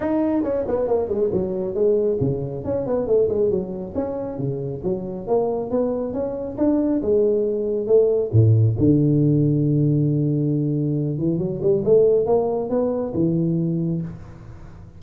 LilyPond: \new Staff \with { instrumentName = "tuba" } { \time 4/4 \tempo 4 = 137 dis'4 cis'8 b8 ais8 gis8 fis4 | gis4 cis4 cis'8 b8 a8 gis8 | fis4 cis'4 cis4 fis4 | ais4 b4 cis'4 d'4 |
gis2 a4 a,4 | d1~ | d4. e8 fis8 g8 a4 | ais4 b4 e2 | }